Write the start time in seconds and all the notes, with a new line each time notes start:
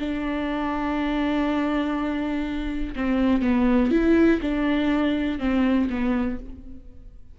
0.00 D4
2.96 C4
3.42 B3
3.91 E4
4.42 D4
5.39 C4
5.90 B3